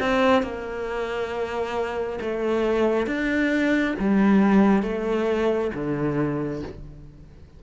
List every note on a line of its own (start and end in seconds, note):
0.00 0.43 C4
0.43 2.19 A#3
2.21 3.06 A3
3.06 3.95 D4
3.99 4.82 G3
4.82 5.71 A3
5.74 6.63 D3